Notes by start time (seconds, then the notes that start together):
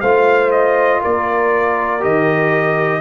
0.00 A3 F4 C5 F5
0.51 D#5
1.01 A#3 A#4 D5
2.00 D#3 G4 D#5